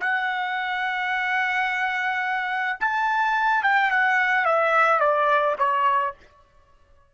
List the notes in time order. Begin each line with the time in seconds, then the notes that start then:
0.00 F#5
2.80 A5
3.63 G5
3.91 F#5
4.45 E5
5.00 D5
5.58 C#5